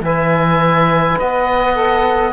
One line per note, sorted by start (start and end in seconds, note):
0.00 1.15 E3
0.00 1.73 B4
0.00 1.18 E5
0.00 1.19 G#5
1.18 2.33 B3
1.18 2.33 D#5
1.18 2.33 F#5
1.73 2.31 A4